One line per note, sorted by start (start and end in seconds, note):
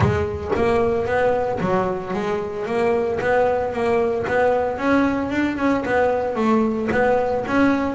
0.00 0.51 G#3
0.55 1.06 A#3
1.06 1.59 B3
1.60 2.13 F#3
2.13 2.65 G#3
2.65 3.19 A#3
3.20 3.72 B3
3.72 4.25 A#3
4.27 4.78 B3
4.78 5.30 C#4
5.30 5.57 D4
5.57 5.83 C#4
5.85 6.35 B3
6.35 6.89 A3
6.91 7.45 B3
7.47 7.94 C#4